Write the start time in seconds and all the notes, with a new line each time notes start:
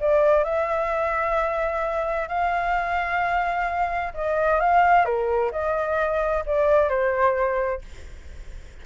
0.00 D5
0.44 E5
2.29 F5
4.14 D#5
4.60 F5
5.05 A#4
5.52 D#5
6.46 D5
6.90 C5